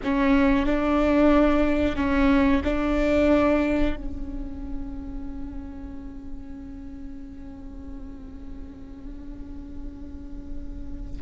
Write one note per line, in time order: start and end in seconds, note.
0.03 0.66 C#4
0.66 1.96 D4
1.96 2.62 C#4
2.64 3.96 D4
3.96 11.21 C#4